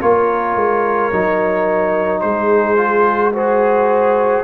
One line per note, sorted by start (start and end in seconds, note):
0.00 0.56 A#3
0.00 1.12 F4
0.00 2.22 A#4
0.00 2.20 C#5
0.56 1.11 G#3
1.12 2.22 F#3
1.12 2.77 D#4
2.20 4.44 G#3
2.20 3.33 G#4
2.20 3.31 C5
2.77 3.32 F4
3.33 4.44 F#4
3.33 4.44 G#4
3.33 4.44 C5